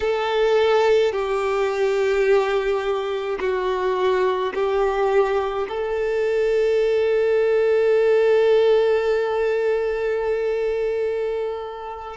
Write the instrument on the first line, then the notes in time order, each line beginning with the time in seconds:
violin
0.00 A4
1.12 G4
3.40 F#4
4.53 G4
5.68 A4